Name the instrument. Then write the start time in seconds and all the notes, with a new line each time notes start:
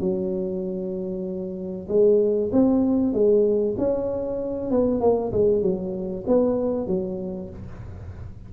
tuba
0.00 F#3
1.89 G#3
2.52 C4
3.13 G#3
3.78 C#4
4.71 B3
5.01 A#3
5.33 G#3
5.62 F#3
6.28 B3
6.87 F#3